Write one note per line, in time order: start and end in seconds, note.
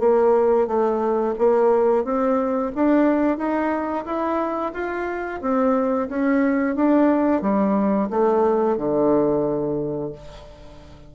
0.00 0.67 A#3
0.67 1.35 A3
1.39 2.05 A#3
2.05 2.72 C4
2.76 3.38 D4
3.38 4.05 D#4
4.05 4.73 E4
4.74 5.41 F4
5.41 6.09 C4
6.09 6.76 C#4
6.76 7.42 D4
7.42 8.09 G3
8.10 8.77 A3
8.77 10.12 D3